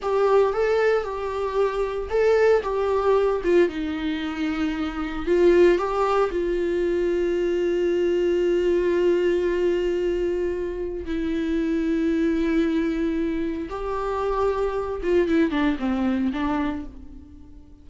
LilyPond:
\new Staff \with { instrumentName = "viola" } { \time 4/4 \tempo 4 = 114 g'4 a'4 g'2 | a'4 g'4. f'8 dis'4~ | dis'2 f'4 g'4 | f'1~ |
f'1~ | f'4 e'2.~ | e'2 g'2~ | g'8 f'8 e'8 d'8 c'4 d'4 | }